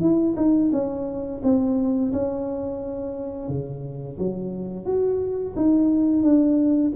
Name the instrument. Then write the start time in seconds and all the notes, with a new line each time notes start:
tuba
0.00 E4
0.36 D#4
0.72 C#4
1.43 C4
2.12 C#4
3.48 C#3
4.18 F#3
4.86 F#4
5.56 D#4
6.23 D4